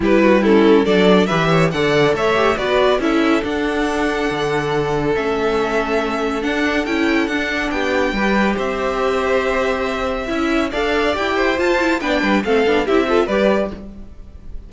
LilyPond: <<
  \new Staff \with { instrumentName = "violin" } { \time 4/4 \tempo 4 = 140 b'4 a'4 d''4 e''4 | fis''4 e''4 d''4 e''4 | fis''1 | e''2. fis''4 |
g''4 fis''4 g''2 | e''1~ | e''4 f''4 g''4 a''4 | g''4 f''4 e''4 d''4 | }
  \new Staff \with { instrumentName = "violin" } { \time 4/4 g'8 fis'8 e'4 a'4 b'8 cis''8 | d''4 cis''4 b'4 a'4~ | a'1~ | a'1~ |
a'2 g'4 b'4 | c''1 | e''4 d''4. c''4. | b'16 d''16 b'8 a'4 g'8 a'8 b'4 | }
  \new Staff \with { instrumentName = "viola" } { \time 4/4 e'4 cis'4 d'4 g'4 | a'4. g'8 fis'4 e'4 | d'1 | cis'2. d'4 |
e'4 d'2 g'4~ | g'1 | e'4 a'4 g'4 f'8 e'8 | d'4 c'8 d'8 e'8 f'8 g'4 | }
  \new Staff \with { instrumentName = "cello" } { \time 4/4 g2 fis4 e4 | d4 a4 b4 cis'4 | d'2 d2 | a2. d'4 |
cis'4 d'4 b4 g4 | c'1 | cis'4 d'4 e'4 f'4 | b8 g8 a8 b8 c'4 g4 | }
>>